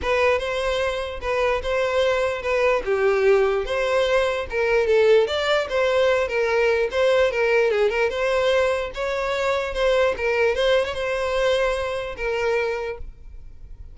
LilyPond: \new Staff \with { instrumentName = "violin" } { \time 4/4 \tempo 4 = 148 b'4 c''2 b'4 | c''2 b'4 g'4~ | g'4 c''2 ais'4 | a'4 d''4 c''4. ais'8~ |
ais'4 c''4 ais'4 gis'8 ais'8 | c''2 cis''2 | c''4 ais'4 c''8. cis''16 c''4~ | c''2 ais'2 | }